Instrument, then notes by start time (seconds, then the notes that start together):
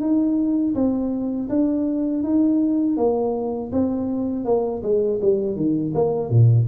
tuba
0.00 D#4
0.74 C4
1.49 D4
2.23 D#4
2.97 A#3
3.71 C4
4.44 A#3
4.82 G#3
5.21 G3
5.56 D#3
5.94 A#3
6.29 A#2